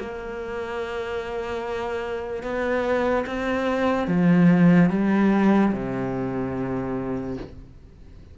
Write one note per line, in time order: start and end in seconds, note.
0.00 2.43 A#3
2.43 3.25 B3
3.27 4.08 C4
4.08 4.90 F3
4.90 5.72 G3
5.73 7.37 C3